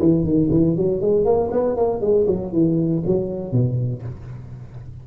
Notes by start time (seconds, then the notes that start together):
0.00 E3
0.24 D#3
0.51 E3
0.76 F#3
1.01 G#3
1.25 A#3
1.51 B3
1.76 A#3
2.01 G#3
2.27 F#3
2.52 E3
3.06 F#3
3.52 B2